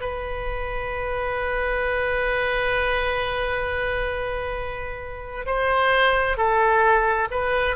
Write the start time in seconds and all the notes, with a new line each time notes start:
0.00 B4
5.46 C5
6.37 A4
7.31 B4